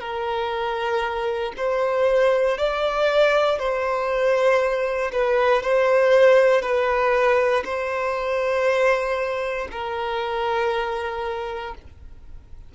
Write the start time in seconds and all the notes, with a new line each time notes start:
0.00 A#4
1.57 C5
2.57 D5
3.59 C5
5.12 B4
5.62 C5
6.61 B4
7.64 C5
9.71 A#4